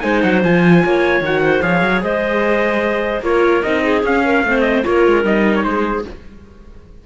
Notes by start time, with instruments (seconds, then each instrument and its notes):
0.00 cello G#3, viola D#4, clarinet C5, trumpet G#5
0.22 cello F#3, trumpet F#5
0.43 cello F3, viola F4, trumpet G#5
0.84 cello A#3, clarinet C#5
1.20 cello D#3, viola F#4, trumpet F#5
1.43 clarinet C5
1.62 cello F3, viola G#4, clarinet C#5, trumpet F5
1.81 cello F#3
2.02 cello G#3, clarinet C5, trumpet D#5
3.20 cello A#3, viola F4, clarinet A#4, trumpet C#5
3.62 cello C4, viola D#4, trumpet D#5
3.83 clarinet G#4
4.03 cello C#4, viola C#4, trumpet F5
4.24 clarinet A#4
4.43 cello A3, viola C4, clarinet C5
4.61 trumpet D#5
4.84 cello A#3, viola F4, clarinet A#4, trumpet C#5
5.07 cello G#3
5.23 cello G3, viola D#4, trumpet D#5
5.55 trumpet C#5
5.64 cello G#3, clarinet G#4, trumpet C5